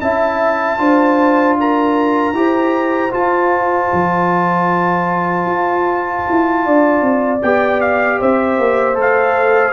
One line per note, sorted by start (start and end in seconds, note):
0.00 0.78 C#4
0.00 0.77 E4
0.00 0.79 E5
0.00 1.56 A5
0.77 2.33 D4
0.77 2.33 F4
0.77 1.58 C5
1.59 2.37 A#4
1.59 3.13 A#5
2.33 3.11 E4
2.33 3.11 G4
2.33 6.65 C5
3.11 7.39 F4
3.11 3.90 F4
3.11 7.41 A5
3.92 5.45 F3
5.45 6.23 F4
6.29 6.65 E4
6.65 7.01 D4
6.65 8.19 D5
7.01 7.40 C4
7.42 8.20 B3
7.42 8.94 G4
7.42 7.80 G5
7.80 8.19 F5
8.19 8.58 C4
8.19 9.73 C5
8.19 8.99 E5
8.58 8.97 A#3
8.94 9.73 A3
8.94 9.72 A4
9.00 9.73 F5